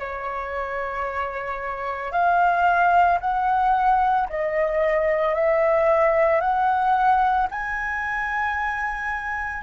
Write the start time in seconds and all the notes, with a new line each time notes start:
0.00 C#5
2.12 F5
3.21 F#5
4.30 D#5
5.35 E5
6.41 F#5
7.51 G#5